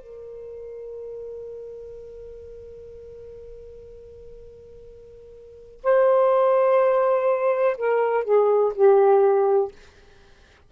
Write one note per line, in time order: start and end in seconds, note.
0.00 5.81 A#4
5.84 7.77 C5
7.77 8.24 A#4
8.24 8.73 G#4
8.75 9.72 G4